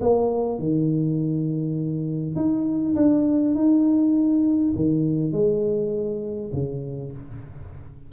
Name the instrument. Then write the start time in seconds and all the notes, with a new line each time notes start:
tuba
0.00 A#3
0.59 D#3
2.36 D#4
2.95 D4
3.55 D#4
4.75 D#3
5.32 G#3
6.52 C#3